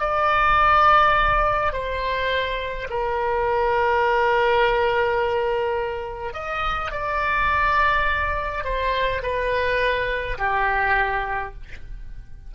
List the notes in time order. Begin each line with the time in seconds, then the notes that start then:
0.00 D5
1.73 C5
2.90 A#4
6.34 D#5
6.92 D5
8.64 C5
9.23 B4
10.38 G4